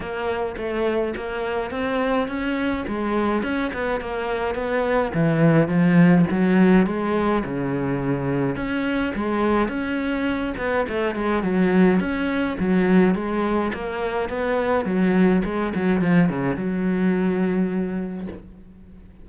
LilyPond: \new Staff \with { instrumentName = "cello" } { \time 4/4 \tempo 4 = 105 ais4 a4 ais4 c'4 | cis'4 gis4 cis'8 b8 ais4 | b4 e4 f4 fis4 | gis4 cis2 cis'4 |
gis4 cis'4. b8 a8 gis8 | fis4 cis'4 fis4 gis4 | ais4 b4 fis4 gis8 fis8 | f8 cis8 fis2. | }